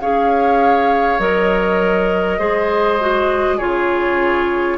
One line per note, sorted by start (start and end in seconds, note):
0.00 1.19 C#4
0.00 1.20 G#4
0.00 2.39 C#5
0.00 1.20 F5
1.19 2.39 F#3
1.19 2.40 A#4
1.19 3.58 D#5
2.39 3.59 G#3
2.39 3.00 G#4
2.39 3.57 C5
3.00 3.60 F#4
3.57 4.78 C#3
3.57 4.78 F4
3.57 4.77 G#4
3.57 4.78 C#5